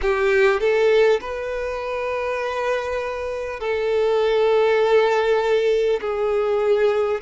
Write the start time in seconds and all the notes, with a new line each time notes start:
0.01 G4
0.60 A4
1.20 B4
3.60 A4
6.01 G#4